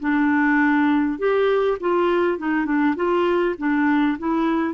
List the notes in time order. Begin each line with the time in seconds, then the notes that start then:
0.00 D4
1.19 G4
1.80 F4
2.38 D#4
2.65 D4
2.96 F4
3.58 D4
4.19 E4